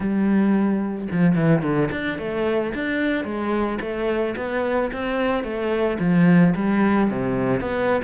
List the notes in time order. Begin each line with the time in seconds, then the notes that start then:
0.00 G3
1.11 F3
1.35 E3
1.62 D3
1.91 D4
2.18 A3
2.74 D4
3.24 G#3
3.80 A3
4.36 B3
4.92 C4
5.43 A3
5.99 F3
6.55 G3
7.10 C3
7.60 B3